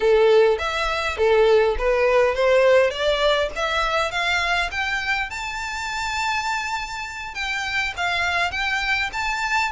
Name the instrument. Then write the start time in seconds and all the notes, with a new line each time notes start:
violin
0.00 A4
0.58 E5
1.17 A4
1.78 B4
2.34 C5
2.90 D5
3.55 E5
4.11 F5
4.71 G5
5.30 A5
7.34 G5
7.96 F5
8.51 G5
9.12 A5